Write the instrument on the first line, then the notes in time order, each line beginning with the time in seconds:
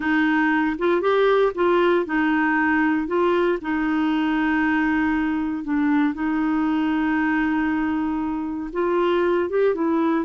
clarinet
0.00 D#4
0.78 F4
1.01 G4
1.54 F4
2.05 D#4
3.07 F4
3.61 D#4
5.64 D4
6.14 D#4
8.72 F4
9.49 G4
9.75 E4